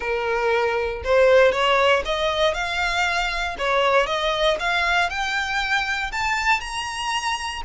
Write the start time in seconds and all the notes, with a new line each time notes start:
0.00 A#4
1.04 C5
1.52 C#5
2.05 D#5
2.54 F5
3.58 C#5
4.06 D#5
4.59 F5
5.09 G5
6.12 A5
6.60 A#5